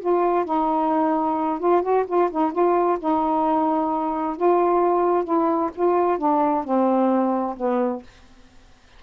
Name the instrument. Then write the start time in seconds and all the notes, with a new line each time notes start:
saxophone
0.00 F4
0.45 D#4
1.59 F4
1.82 F#4
2.07 F4
2.31 D#4
2.52 F4
2.99 D#4
4.36 F4
5.24 E4
5.75 F4
6.18 D4
6.64 C4
7.57 B3